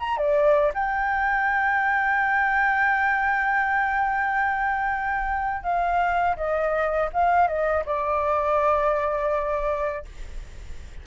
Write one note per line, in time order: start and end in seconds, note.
0.00 0.18 A#5
0.18 0.73 D5
0.74 5.63 G5
5.63 6.37 F5
6.37 7.10 D#5
7.13 7.48 F5
7.48 7.85 D#5
7.86 10.05 D5